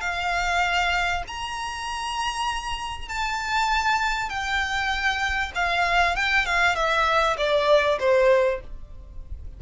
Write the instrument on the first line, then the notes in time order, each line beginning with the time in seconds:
violin
0.00 F5
1.27 A#5
3.08 A5
4.29 G5
5.55 F5
6.15 G5
6.46 F5
6.75 E5
7.37 D5
7.99 C5